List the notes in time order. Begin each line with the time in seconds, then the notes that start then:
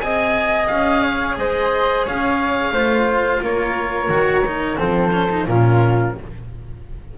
0.00 C4 G#4 D#5 G#5
0.67 C#4 F5
1.03 C#5
1.37 G#3 C5 D#5
2.04 C#4 C#5 F5
2.72 A3 F4 C5
3.41 A#3 A#4 C#5
4.09 D#3 F#4
4.47 D#4
4.77 F3 C4 A4 C5
5.12 C#4
5.30 D#4
5.46 A#2 C#4 F4 A#4